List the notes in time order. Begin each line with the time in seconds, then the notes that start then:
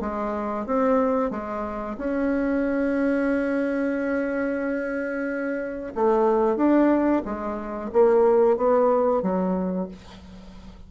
0.00 G#3
0.66 C4
1.30 G#3
1.98 C#4
5.95 A3
6.56 D4
7.25 G#3
7.92 A#3
8.57 B3
9.22 F#3